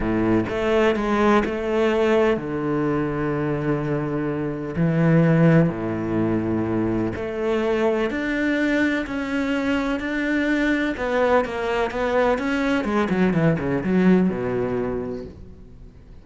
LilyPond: \new Staff \with { instrumentName = "cello" } { \time 4/4 \tempo 4 = 126 a,4 a4 gis4 a4~ | a4 d2.~ | d2 e2 | a,2. a4~ |
a4 d'2 cis'4~ | cis'4 d'2 b4 | ais4 b4 cis'4 gis8 fis8 | e8 cis8 fis4 b,2 | }